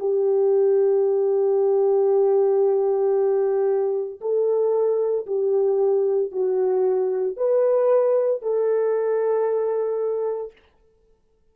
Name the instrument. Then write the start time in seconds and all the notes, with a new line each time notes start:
horn
0.00 G4
4.21 A4
5.27 G4
6.32 F#4
7.37 B4
8.42 A4